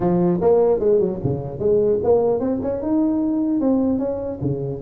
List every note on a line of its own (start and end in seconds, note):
0.00 0.40 F3
0.41 0.79 A#3
0.79 0.99 G#3
0.99 1.19 F#3
1.23 1.59 C#3
1.59 1.99 G#3
2.03 2.40 A#3
2.40 2.60 C4
2.62 2.82 C#4
2.82 3.60 D#4
3.60 3.99 C4
3.99 4.39 C#4
4.41 4.81 C#3